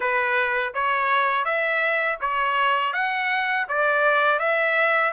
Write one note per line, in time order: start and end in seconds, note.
0.00 0.73 B4
0.74 1.45 C#5
1.45 2.18 E5
2.20 2.93 C#5
2.93 3.66 F#5
3.68 4.39 D5
4.39 5.12 E5